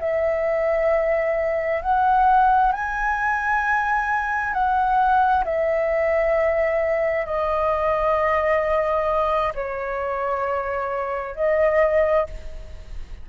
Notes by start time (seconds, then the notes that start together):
0.00 E5
1.82 F#5
2.72 G#5
4.53 F#5
5.45 E5
7.26 D#5
9.55 C#5
11.36 D#5